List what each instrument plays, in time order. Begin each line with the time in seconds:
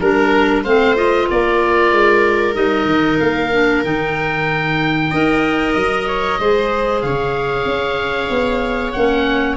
0.00 tuba G3, clarinet D4, oboe A#4, viola A#4
0.64 tuba A3, clarinet C4, viola C5, oboe F5
0.96 clarinet F4, oboe D#5
1.30 tuba A#3, viola A#4, oboe D5
1.92 tuba G#3
2.54 tuba G3, clarinet D#4, oboe D#5
2.86 tuba D#3
3.19 tuba A#3, oboe F5
3.52 clarinet D4
3.84 tuba D#3, clarinet D#4, oboe G5
5.11 tuba D#4, clarinet A#4, viola D#5
5.73 tuba F#3, oboe D#5
6.07 viola C#5
6.39 tuba G#3, clarinet G#4, viola C5
7.01 tuba C#3, viola C#5, oboe F5
7.65 tuba C#4
8.30 tuba B3
8.92 tuba A#3, clarinet C#4, oboe F#5